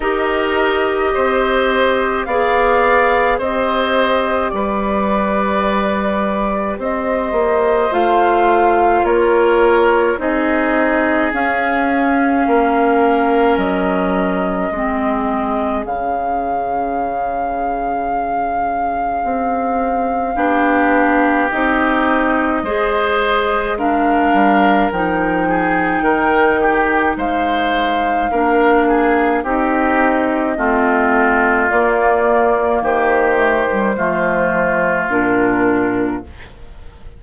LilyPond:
<<
  \new Staff \with { instrumentName = "flute" } { \time 4/4 \tempo 4 = 53 dis''2 f''4 dis''4 | d''2 dis''4 f''4 | cis''4 dis''4 f''2 | dis''2 f''2~ |
f''2. dis''4~ | dis''4 f''4 g''2 | f''2 dis''2 | d''4 c''2 ais'4 | }
  \new Staff \with { instrumentName = "oboe" } { \time 4/4 ais'4 c''4 d''4 c''4 | b'2 c''2 | ais'4 gis'2 ais'4~ | ais'4 gis'2.~ |
gis'2 g'2 | c''4 ais'4. gis'8 ais'8 g'8 | c''4 ais'8 gis'8 g'4 f'4~ | f'4 g'4 f'2 | }
  \new Staff \with { instrumentName = "clarinet" } { \time 4/4 g'2 gis'4 g'4~ | g'2. f'4~ | f'4 dis'4 cis'2~ | cis'4 c'4 cis'2~ |
cis'2 d'4 dis'4 | gis'4 d'4 dis'2~ | dis'4 d'4 dis'4 c'4 | ais4. a16 g16 a4 d'4 | }
  \new Staff \with { instrumentName = "bassoon" } { \time 4/4 dis'4 c'4 b4 c'4 | g2 c'8 ais8 a4 | ais4 c'4 cis'4 ais4 | fis4 gis4 cis2~ |
cis4 c'4 b4 c'4 | gis4. g8 f4 dis4 | gis4 ais4 c'4 a4 | ais4 dis4 f4 ais,4 | }
>>